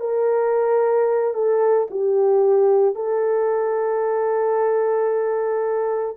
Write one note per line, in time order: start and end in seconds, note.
0.00 1.34 A#4
1.34 1.87 A4
1.90 2.95 G4
2.95 6.17 A4